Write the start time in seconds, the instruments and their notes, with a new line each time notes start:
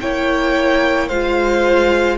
0.00 cello A#3, viola E4, violin C#5 G5
1.07 cello G#3, viola F4, violin C5 F5